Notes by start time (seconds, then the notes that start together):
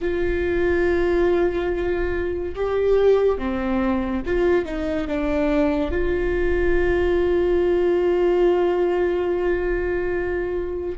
0.01 F4
2.55 G4
3.38 C4
4.26 F4
4.65 D#4
5.07 D4
5.91 F4